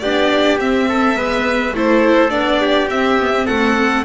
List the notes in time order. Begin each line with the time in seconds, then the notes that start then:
0.00 B3 D4 G4 D5
0.59 C4 E5
0.89 A4
1.15 G#3 B3 B4
1.74 A3 E4 A4 C5
2.30 B3 D4 D5
2.61 G4
2.89 C4 E5
3.19 B3
3.33 C4
3.46 A3 A4 F#5